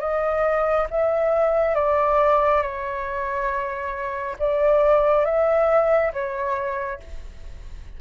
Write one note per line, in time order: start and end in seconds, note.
0.00 0.87 D#5
0.90 1.75 E5
1.75 2.62 D5
2.62 4.36 C#5
4.39 5.25 D5
5.25 6.12 E5
6.13 7.00 C#5